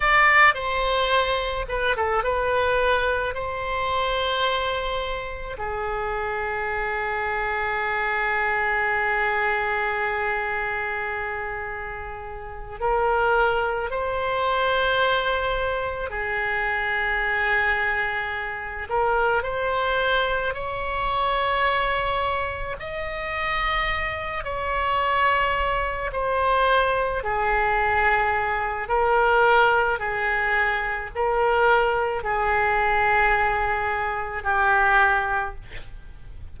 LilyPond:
\new Staff \with { instrumentName = "oboe" } { \time 4/4 \tempo 4 = 54 d''8 c''4 b'16 a'16 b'4 c''4~ | c''4 gis'2.~ | gis'2.~ gis'8 ais'8~ | ais'8 c''2 gis'4.~ |
gis'4 ais'8 c''4 cis''4.~ | cis''8 dis''4. cis''4. c''8~ | c''8 gis'4. ais'4 gis'4 | ais'4 gis'2 g'4 | }